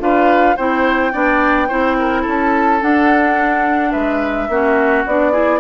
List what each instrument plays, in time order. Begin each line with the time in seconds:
0.00 bassoon D4, clarinet F4, oboe B4, flute F5
0.57 bassoon C4, clarinet E4, oboe C5, flute G5
1.13 bassoon B3, clarinet D4, oboe D5
1.69 bassoon C4, clarinet E4, oboe C5
2.00 oboe A#4
2.22 bassoon C#4, oboe A4
2.29 flute A5
2.81 clarinet D4, bassoon D4, flute F#5
3.92 bassoon G#3, oboe B4, flute E5
4.49 bassoon A#3, clarinet C#4, oboe F#4
5.07 bassoon B3, clarinet D4, flute D5
5.33 clarinet E4, oboe G#4